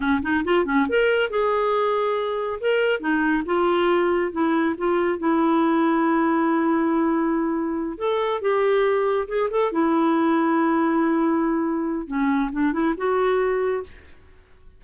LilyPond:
\new Staff \with { instrumentName = "clarinet" } { \time 4/4 \tempo 4 = 139 cis'8 dis'8 f'8 cis'8 ais'4 gis'4~ | gis'2 ais'4 dis'4 | f'2 e'4 f'4 | e'1~ |
e'2~ e'8 a'4 g'8~ | g'4. gis'8 a'8 e'4.~ | e'1 | cis'4 d'8 e'8 fis'2 | }